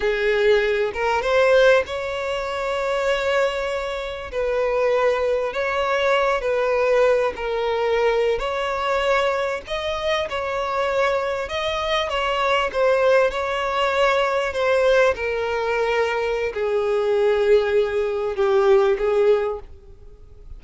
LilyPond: \new Staff \with { instrumentName = "violin" } { \time 4/4 \tempo 4 = 98 gis'4. ais'8 c''4 cis''4~ | cis''2. b'4~ | b'4 cis''4. b'4. | ais'4.~ ais'16 cis''2 dis''16~ |
dis''8. cis''2 dis''4 cis''16~ | cis''8. c''4 cis''2 c''16~ | c''8. ais'2~ ais'16 gis'4~ | gis'2 g'4 gis'4 | }